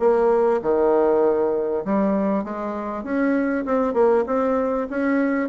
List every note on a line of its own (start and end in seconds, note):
0.00 0.61 A#3
0.62 1.85 D#3
1.85 2.44 G3
2.44 3.04 G#3
3.04 3.65 C#4
3.66 3.94 C4
3.94 4.24 A#3
4.27 4.88 C4
4.90 5.49 C#4